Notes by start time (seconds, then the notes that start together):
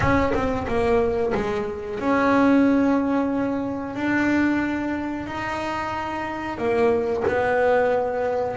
0.00 C#4
0.34 C4
0.67 A#3
1.34 G#3
1.99 C#4
3.95 D4
5.26 D#4
6.58 A#3
7.27 B3